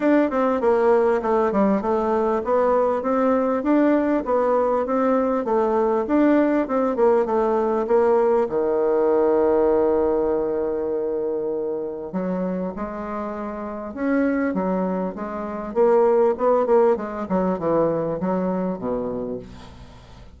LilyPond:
\new Staff \with { instrumentName = "bassoon" } { \time 4/4 \tempo 4 = 99 d'8 c'8 ais4 a8 g8 a4 | b4 c'4 d'4 b4 | c'4 a4 d'4 c'8 ais8 | a4 ais4 dis2~ |
dis1 | fis4 gis2 cis'4 | fis4 gis4 ais4 b8 ais8 | gis8 fis8 e4 fis4 b,4 | }